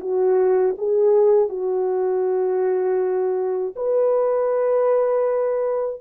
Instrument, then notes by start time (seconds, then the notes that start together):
horn
0.00 F#4
0.77 G#4
1.49 F#4
3.76 B4